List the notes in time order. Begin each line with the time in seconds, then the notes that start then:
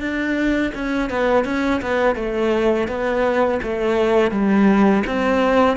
0.00 D4
0.74 C#4
1.10 B3
1.45 C#4
1.82 B3
2.15 A3
2.88 B3
3.62 A3
4.31 G3
5.06 C4